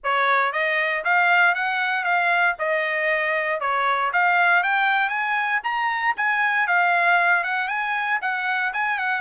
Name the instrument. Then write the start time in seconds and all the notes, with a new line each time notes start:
trumpet
0.03 C#5
0.52 D#5
1.04 F5
1.55 F#5
2.04 F5
2.59 D#5
3.60 C#5
4.13 F5
4.63 G5
5.09 G#5
5.63 A#5
6.17 G#5
6.67 F5
7.43 F#5
7.68 G#5
8.21 F#5
8.73 G#5
8.98 F#5